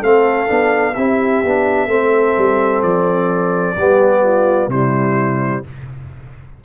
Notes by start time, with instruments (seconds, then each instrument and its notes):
0.00 tuba A3, trombone C4, horn A4, trumpet F5
0.47 tuba B3, trombone D4
0.95 tuba C4, trombone E4, horn G4, trumpet E5
1.44 tuba B3, trombone D4
1.87 tuba A3, trombone C4, horn A4
2.38 tuba G3
2.83 tuba F3, trumpet D5
3.77 tuba G3, trombone B3, horn G4
4.24 horn F4
4.68 tuba C3, trombone G3, horn E4, trumpet C5